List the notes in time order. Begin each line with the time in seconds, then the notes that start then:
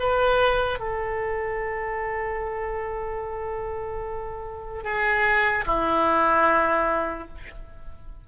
0.00 B4
0.79 A4
4.84 G#4
5.66 E4